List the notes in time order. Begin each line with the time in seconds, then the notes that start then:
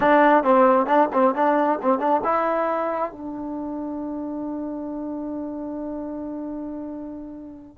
0.00 D4
0.43 C4
0.86 D4
1.13 C4
1.34 D4
1.81 C4
1.99 D4
2.24 E4
3.11 D4